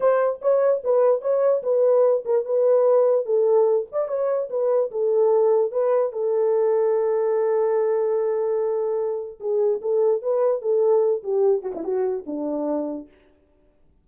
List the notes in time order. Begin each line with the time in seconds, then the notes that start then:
0.00 C5
0.41 C#5
0.83 B4
1.21 C#5
1.63 B4
2.25 A#4
2.45 B4
3.25 A4
3.92 D5
4.08 C#5
4.50 B4
4.91 A4
5.71 B4
6.12 A4
9.40 G#4
9.81 A4
10.22 B4
10.61 A4
11.23 G4
11.62 F#4
11.74 E4
11.83 F#4
12.26 D4